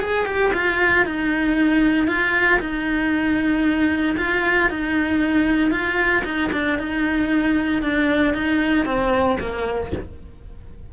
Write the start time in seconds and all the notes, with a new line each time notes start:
0.00 G#4
0.25 G4
0.53 F4
1.05 D#4
2.07 F4
2.59 D#4
4.17 F4
4.70 D#4
5.71 F4
6.24 D#4
6.52 D4
6.78 D#4
7.82 D4
8.34 D#4
8.85 C4
9.40 A#3